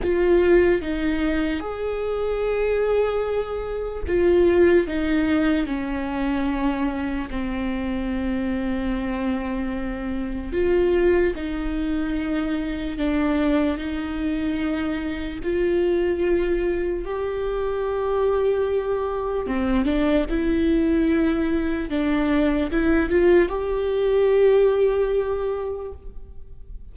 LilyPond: \new Staff \with { instrumentName = "viola" } { \time 4/4 \tempo 4 = 74 f'4 dis'4 gis'2~ | gis'4 f'4 dis'4 cis'4~ | cis'4 c'2.~ | c'4 f'4 dis'2 |
d'4 dis'2 f'4~ | f'4 g'2. | c'8 d'8 e'2 d'4 | e'8 f'8 g'2. | }